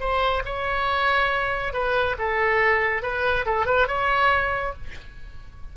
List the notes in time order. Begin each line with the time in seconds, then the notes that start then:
0.00 C5
0.45 C#5
1.73 B4
2.18 A4
3.02 B4
3.45 A4
3.66 B4
3.88 C#5